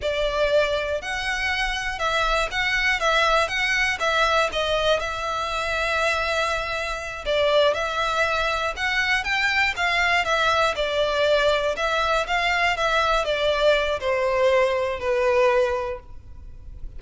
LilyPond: \new Staff \with { instrumentName = "violin" } { \time 4/4 \tempo 4 = 120 d''2 fis''2 | e''4 fis''4 e''4 fis''4 | e''4 dis''4 e''2~ | e''2~ e''8 d''4 e''8~ |
e''4. fis''4 g''4 f''8~ | f''8 e''4 d''2 e''8~ | e''8 f''4 e''4 d''4. | c''2 b'2 | }